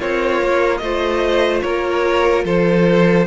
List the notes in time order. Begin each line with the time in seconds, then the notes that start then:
0.00 C4 F4 A#4 C#5
0.42 A#3
0.78 A3 F4 C5 D#5
1.62 A#3 A#4 C#5
2.45 F3 A4 C5